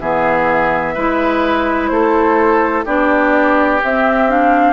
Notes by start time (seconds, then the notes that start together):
0.00 E3 B3 G#4 E5
0.94 G#3 E4 B4
1.87 A3 A4 C5
2.85 B3 D4 G4 D5
3.83 C4 E5
4.28 D4 F5